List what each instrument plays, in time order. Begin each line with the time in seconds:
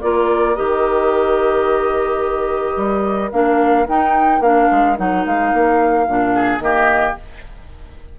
0.00 bassoon A#3, clarinet F4, oboe A#4, flute D5
0.55 bassoon D#3, clarinet G4, flute D#5
2.76 bassoon G3
3.31 bassoon A#3, clarinet D4, flute F5
3.87 clarinet D#4, bassoon D#4, flute G5
4.40 bassoon A#3, clarinet D4, flute F5
4.71 bassoon G#3
4.96 bassoon F#3, clarinet D#4, flute F#5
5.25 bassoon G#3, flute F5
5.53 bassoon A#3
6.07 bassoon A#2, clarinet D4
6.34 oboe G#4
6.59 bassoon D#3, clarinet A#3, oboe G4, flute D#5